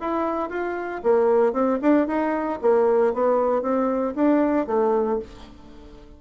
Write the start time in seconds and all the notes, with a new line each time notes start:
0.00 E4
0.49 F4
1.03 A#3
1.52 C4
1.81 D4
2.07 D#4
2.61 A#3
3.13 B3
3.61 C4
4.15 D4
4.66 A3